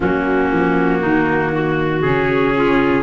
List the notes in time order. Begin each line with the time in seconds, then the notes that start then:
0.00 F#3 A#3 C#4 F#4
0.52 F3
1.00 D#3 D#4
1.52 F#4
2.01 C#3 C#4 G#4
2.55 F4